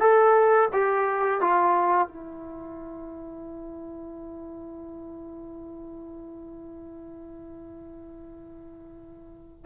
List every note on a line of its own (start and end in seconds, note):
0.00 0.69 A4
0.73 1.41 G4
1.41 2.08 F4
2.08 9.66 E4